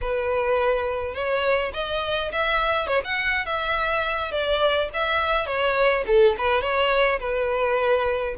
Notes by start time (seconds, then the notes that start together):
0.01 B4
1.14 C#5
1.73 D#5
2.32 E5
2.87 C#5
3.04 F#5
3.45 E5
4.31 D5
4.93 E5
5.46 C#5
6.06 A4
6.37 B4
6.61 C#5
7.19 B4